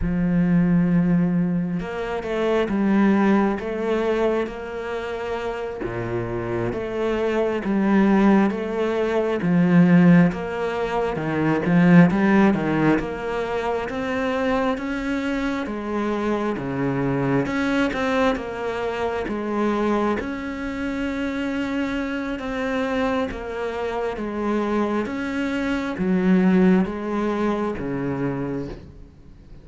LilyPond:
\new Staff \with { instrumentName = "cello" } { \time 4/4 \tempo 4 = 67 f2 ais8 a8 g4 | a4 ais4. ais,4 a8~ | a8 g4 a4 f4 ais8~ | ais8 dis8 f8 g8 dis8 ais4 c'8~ |
c'8 cis'4 gis4 cis4 cis'8 | c'8 ais4 gis4 cis'4.~ | cis'4 c'4 ais4 gis4 | cis'4 fis4 gis4 cis4 | }